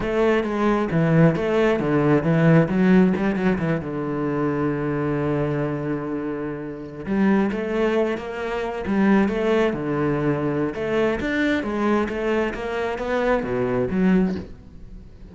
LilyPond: \new Staff \with { instrumentName = "cello" } { \time 4/4 \tempo 4 = 134 a4 gis4 e4 a4 | d4 e4 fis4 g8 fis8 | e8 d2.~ d8~ | d2.~ d8. g16~ |
g8. a4. ais4. g16~ | g8. a4 d2~ d16 | a4 d'4 gis4 a4 | ais4 b4 b,4 fis4 | }